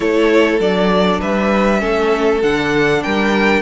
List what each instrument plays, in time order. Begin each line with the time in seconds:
0.00 cello A3, viola E4, violin A4 C#5
0.59 cello F#3, viola D4, violin D5
1.19 cello G3, violin B4 E5
1.79 cello A3, viola C#4, violin A4
2.42 cello D3, viola D4, violin F#5
3.02 cello G3, violin A#4 G5